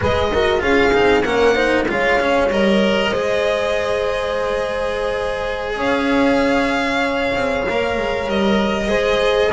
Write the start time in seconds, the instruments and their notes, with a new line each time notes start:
0.00 double bass G#3, cello G#4, horn B4, violin D#5
0.32 cello F#4, horn A#4
0.59 double bass C#4, cello F4, horn G#4, violin F5
0.92 double bass C4, cello D#4
1.23 double bass A#3, cello C#4, horn A#4, violin F#5
1.54 cello D#4, horn C5
1.88 double bass G#3, cello F4, horn C#5, violin F5
2.19 cello C#4
2.49 double bass G3, cello A#4, violin D#5
3.11 double bass G#3, cello G#4, horn C5
5.76 double bass C#4, horn C#5, violin F5
7.34 double bass C4
7.69 double bass A#3, cello A#4
7.97 double bass G#3
8.27 double bass G3, violin D#5
8.88 double bass G#3, cello G#4, horn C5